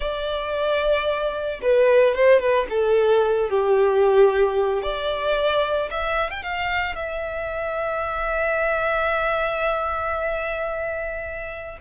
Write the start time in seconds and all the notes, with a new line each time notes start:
0.00 D5
1.61 B4
2.15 C5
2.39 B4
2.69 A4
3.49 G4
4.82 D5
5.90 E5
6.30 G5
6.42 F5
6.95 E5